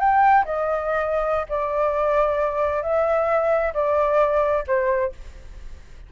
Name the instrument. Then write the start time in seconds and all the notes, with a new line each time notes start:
flute
0.00 G5
0.45 D#5
1.49 D5
2.83 E5
3.74 D5
4.67 C5